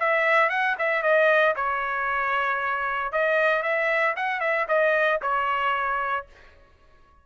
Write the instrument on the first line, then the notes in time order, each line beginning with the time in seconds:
trumpet
0.00 E5
0.50 F#5
0.79 E5
1.03 D#5
1.56 C#5
3.12 D#5
3.63 E5
4.16 F#5
4.41 E5
4.69 D#5
5.22 C#5